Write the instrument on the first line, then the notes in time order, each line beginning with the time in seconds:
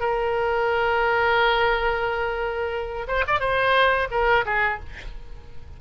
oboe
0.00 A#4
3.08 C5
3.28 D5
3.40 C5
4.11 A#4
4.46 G#4